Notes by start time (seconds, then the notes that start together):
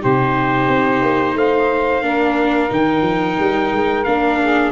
0.00 C3 D#4 G4 C5
0.68 C4
1.02 A#3
1.35 A3 C5 F5
2.02 A#3 D4 A#4
2.69 D#3 D#4 G5
3.02 F3
3.39 G3
3.72 G#3
4.04 A#3 D4 F5
4.41 G#4